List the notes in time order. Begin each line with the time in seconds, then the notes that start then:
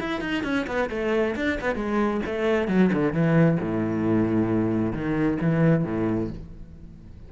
0.00 E4
0.21 D#4
0.44 C#4
0.67 B3
0.90 A3
1.36 D4
1.61 B3
1.76 G#3
2.26 A3
2.68 F#3
2.93 D3
3.13 E3
3.61 A2
4.93 D#3
5.41 E3
5.85 A2